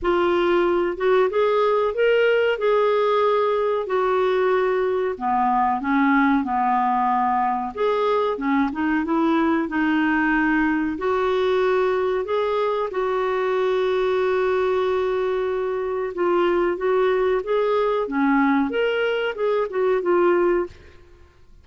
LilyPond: \new Staff \with { instrumentName = "clarinet" } { \time 4/4 \tempo 4 = 93 f'4. fis'8 gis'4 ais'4 | gis'2 fis'2 | b4 cis'4 b2 | gis'4 cis'8 dis'8 e'4 dis'4~ |
dis'4 fis'2 gis'4 | fis'1~ | fis'4 f'4 fis'4 gis'4 | cis'4 ais'4 gis'8 fis'8 f'4 | }